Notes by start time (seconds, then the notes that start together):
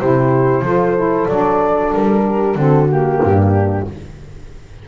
0.00 C3 E4 G4 C5
0.62 F3 F4 A4
0.97 E4
1.28 F#3 D4 D5
1.94 G3 A#4
2.25 G4
2.55 D3 C4 F#4 A4
2.88 A#3 G4
3.23 G2 D4